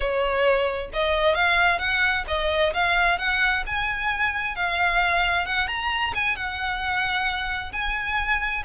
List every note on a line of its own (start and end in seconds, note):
0.00 0.90 C#5
0.93 1.35 D#5
1.35 1.79 F5
1.79 2.24 F#5
2.27 2.73 D#5
2.73 3.18 F5
3.18 3.63 F#5
3.66 4.55 G#5
4.55 5.46 F5
5.46 5.67 F#5
5.67 6.13 A#5
6.14 6.35 G#5
6.35 7.72 F#5
7.72 8.63 G#5